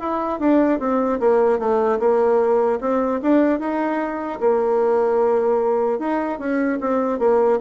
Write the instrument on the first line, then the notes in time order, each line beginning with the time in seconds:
bassoon
0.00 E4
0.40 D4
0.80 C4
1.20 A#3
1.59 A3
2.00 A#3
2.81 C4
3.22 D4
3.60 D#4
4.41 A#3
5.99 D#4
6.39 C#4
6.81 C4
7.19 A#3